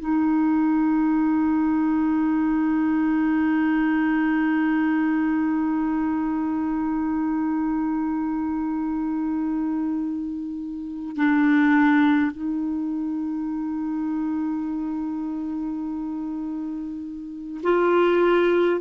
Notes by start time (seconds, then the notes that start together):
0.00 D#4
11.17 D4
12.32 D#4
17.64 F4